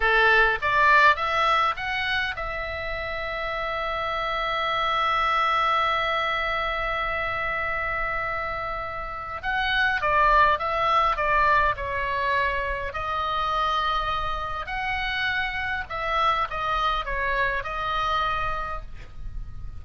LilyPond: \new Staff \with { instrumentName = "oboe" } { \time 4/4 \tempo 4 = 102 a'4 d''4 e''4 fis''4 | e''1~ | e''1~ | e''1 |
fis''4 d''4 e''4 d''4 | cis''2 dis''2~ | dis''4 fis''2 e''4 | dis''4 cis''4 dis''2 | }